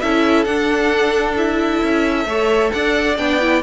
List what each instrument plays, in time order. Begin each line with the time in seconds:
0.00 cello C#4, viola E4, violin A4 E5
0.45 cello D4, viola D4, violin F#5
1.37 viola E4, violin E5
1.83 cello C#4
2.25 cello A3, viola A4, violin C#5
2.72 cello D4, violin D5 F#5
3.18 cello B3, viola D4, violin G5
3.41 viola E4